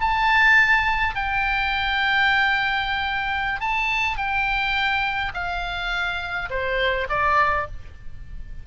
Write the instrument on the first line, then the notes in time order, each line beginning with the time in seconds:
oboe
0.00 A5
1.15 G5
3.60 A5
4.17 G5
5.33 F5
6.50 C5
7.09 D5